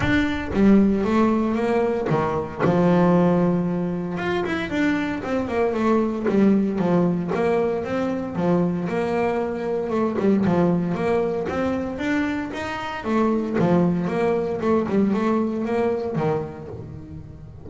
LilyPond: \new Staff \with { instrumentName = "double bass" } { \time 4/4 \tempo 4 = 115 d'4 g4 a4 ais4 | dis4 f2. | f'8 e'8 d'4 c'8 ais8 a4 | g4 f4 ais4 c'4 |
f4 ais2 a8 g8 | f4 ais4 c'4 d'4 | dis'4 a4 f4 ais4 | a8 g8 a4 ais4 dis4 | }